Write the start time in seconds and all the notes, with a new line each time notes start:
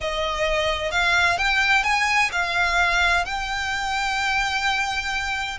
0.01 D#5
0.91 F5
1.37 G5
1.83 G#5
2.32 F5
3.25 G5